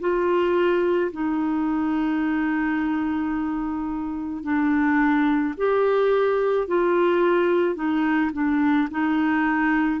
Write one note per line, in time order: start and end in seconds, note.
0.00 1.11 F4
1.12 4.43 D#4
4.43 5.54 D4
5.57 6.67 G4
6.67 7.75 F4
7.75 8.30 D#4
8.32 8.88 D4
8.90 10.00 D#4